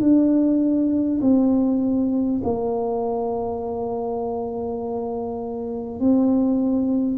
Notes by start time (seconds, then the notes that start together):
0.00 D4
1.22 C4
2.44 A#3
5.99 C4